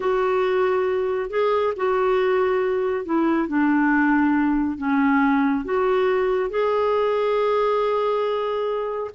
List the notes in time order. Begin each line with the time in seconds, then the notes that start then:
0.00 F#4
1.30 G#4
1.76 F#4
3.05 E4
3.48 D4
4.77 C#4
5.65 F#4
6.50 G#4